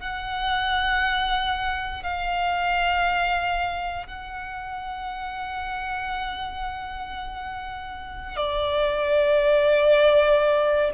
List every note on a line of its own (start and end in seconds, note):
0.00 2.03 F#5
2.03 4.07 F5
4.07 8.37 F#5
8.37 10.91 D5